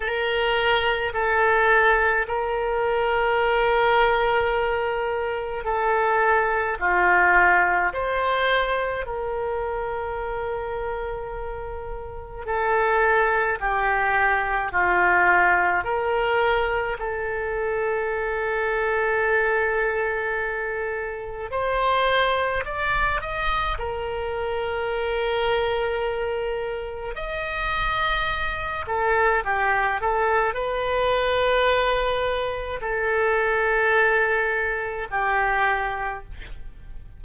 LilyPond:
\new Staff \with { instrumentName = "oboe" } { \time 4/4 \tempo 4 = 53 ais'4 a'4 ais'2~ | ais'4 a'4 f'4 c''4 | ais'2. a'4 | g'4 f'4 ais'4 a'4~ |
a'2. c''4 | d''8 dis''8 ais'2. | dis''4. a'8 g'8 a'8 b'4~ | b'4 a'2 g'4 | }